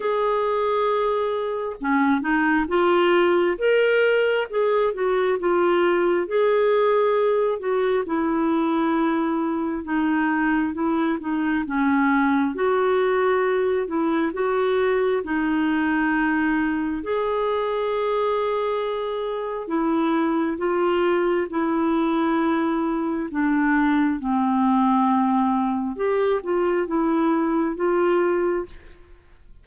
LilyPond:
\new Staff \with { instrumentName = "clarinet" } { \time 4/4 \tempo 4 = 67 gis'2 cis'8 dis'8 f'4 | ais'4 gis'8 fis'8 f'4 gis'4~ | gis'8 fis'8 e'2 dis'4 | e'8 dis'8 cis'4 fis'4. e'8 |
fis'4 dis'2 gis'4~ | gis'2 e'4 f'4 | e'2 d'4 c'4~ | c'4 g'8 f'8 e'4 f'4 | }